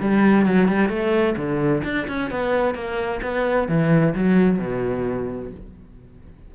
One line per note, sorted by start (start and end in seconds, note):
0.00 0.46 G3
0.46 0.68 F#3
0.68 0.89 G3
0.89 1.35 A3
1.36 1.82 D3
1.84 2.07 D4
2.07 2.30 C#4
2.30 2.74 B3
2.74 3.20 A#3
3.22 3.68 B3
3.68 4.14 E3
4.14 4.58 F#3
4.58 5.51 B2